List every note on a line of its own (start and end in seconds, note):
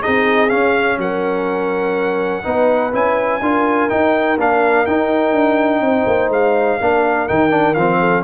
0.00 0.49 D#4
0.00 0.97 G#4
0.00 0.49 D#5
0.07 0.52 C4
0.49 2.43 C#4
0.49 0.97 C#4
0.49 0.98 F5
0.97 2.42 F#3
0.97 2.45 A#4
0.97 2.94 F#5
2.43 2.93 B3
2.43 2.92 D#4
2.43 3.41 B4
2.92 3.41 C#4
2.92 3.41 E4
2.92 3.89 G#5
3.41 3.89 D4
3.41 3.89 F4
3.41 5.84 A#4
3.89 4.38 D#4
3.89 4.37 D#4
3.89 4.38 G5
4.37 4.86 A#3
4.37 4.87 D4
4.37 4.86 F5
4.86 6.80 D#4
4.86 5.32 D#4
4.86 6.31 G5
5.32 5.80 D4
5.80 6.04 C4
5.80 6.81 C5
6.06 6.29 A#3
6.29 6.77 G#3
6.29 7.28 F5
6.80 7.29 A#3
6.80 7.28 D4
6.80 7.99 A#4
7.28 7.76 D#3
7.28 7.50 D#4
7.28 7.74 G5
7.50 7.74 D4
7.74 8.24 F3
7.74 8.24 C4
7.74 8.22 F5
7.99 8.24 A4